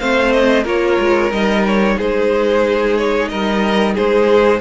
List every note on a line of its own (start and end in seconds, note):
0.00 0.65 A3
0.00 0.65 C4
0.00 0.63 C5
0.00 0.32 F5
0.32 0.65 D#5
0.63 0.98 A#3
0.63 1.31 F4
0.63 1.95 A#4
0.63 1.32 C#5
0.99 1.31 G#3
1.31 1.97 G3
1.31 4.61 D#4
1.31 1.65 D#5
1.67 1.99 C#5
1.97 3.32 G#3
1.97 3.29 G#4
1.97 2.98 C5
2.98 3.29 C#5
3.29 3.98 G3
3.29 3.94 A#4
3.29 3.95 D#5
3.94 4.61 G#3
3.94 4.60 G#4
3.94 4.61 C5